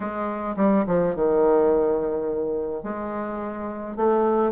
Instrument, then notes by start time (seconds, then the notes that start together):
bassoon
0.00 G#3
0.56 G3
0.86 F3
1.15 D#3
2.83 G#3
3.96 A3